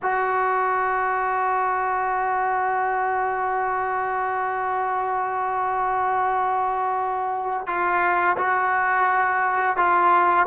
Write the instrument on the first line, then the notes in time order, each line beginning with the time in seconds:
trombone
0.02 F#4
7.66 F4
8.37 F#4
9.76 F4